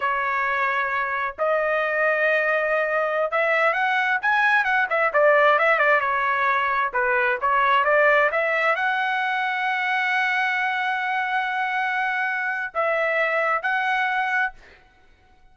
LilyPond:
\new Staff \with { instrumentName = "trumpet" } { \time 4/4 \tempo 4 = 132 cis''2. dis''4~ | dis''2.~ dis''16 e''8.~ | e''16 fis''4 gis''4 fis''8 e''8 d''8.~ | d''16 e''8 d''8 cis''2 b'8.~ |
b'16 cis''4 d''4 e''4 fis''8.~ | fis''1~ | fis''1 | e''2 fis''2 | }